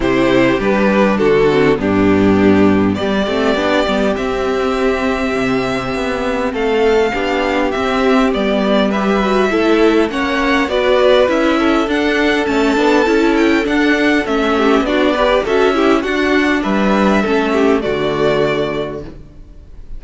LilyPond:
<<
  \new Staff \with { instrumentName = "violin" } { \time 4/4 \tempo 4 = 101 c''4 b'4 a'4 g'4~ | g'4 d''2 e''4~ | e''2. f''4~ | f''4 e''4 d''4 e''4~ |
e''4 fis''4 d''4 e''4 | fis''4 a''4. g''8 fis''4 | e''4 d''4 e''4 fis''4 | e''2 d''2 | }
  \new Staff \with { instrumentName = "violin" } { \time 4/4 g'2 fis'4 d'4~ | d'4 g'2.~ | g'2. a'4 | g'2. b'4 |
a'4 cis''4 b'4. a'8~ | a'1~ | a'8 g'8 fis'8 b'8 a'8 g'8 fis'4 | b'4 a'8 g'8 fis'2 | }
  \new Staff \with { instrumentName = "viola" } { \time 4/4 e'4 d'4. c'8 b4~ | b4. c'8 d'8 b8 c'4~ | c'1 | d'4 c'4 b4 g'8 fis'8 |
e'4 cis'4 fis'4 e'4 | d'4 cis'8 d'8 e'4 d'4 | cis'4 d'8 g'8 fis'8 e'8 d'4~ | d'4 cis'4 a2 | }
  \new Staff \with { instrumentName = "cello" } { \time 4/4 c4 g4 d4 g,4~ | g,4 g8 a8 b8 g8 c'4~ | c'4 c4 b4 a4 | b4 c'4 g2 |
a4 ais4 b4 cis'4 | d'4 a8 b8 cis'4 d'4 | a4 b4 cis'4 d'4 | g4 a4 d2 | }
>>